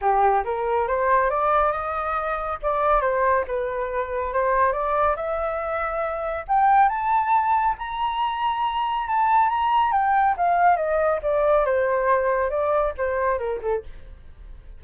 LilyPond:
\new Staff \with { instrumentName = "flute" } { \time 4/4 \tempo 4 = 139 g'4 ais'4 c''4 d''4 | dis''2 d''4 c''4 | b'2 c''4 d''4 | e''2. g''4 |
a''2 ais''2~ | ais''4 a''4 ais''4 g''4 | f''4 dis''4 d''4 c''4~ | c''4 d''4 c''4 ais'8 a'8 | }